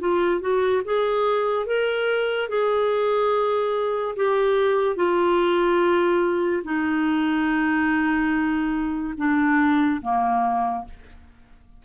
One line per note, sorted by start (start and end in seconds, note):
0.00 0.41 F4
0.41 0.83 F#4
0.85 1.66 G#4
1.66 2.49 A#4
2.49 4.16 G#4
4.16 4.96 G4
4.96 6.63 F4
6.64 9.14 D#4
9.17 10.01 D4
10.02 10.85 A#3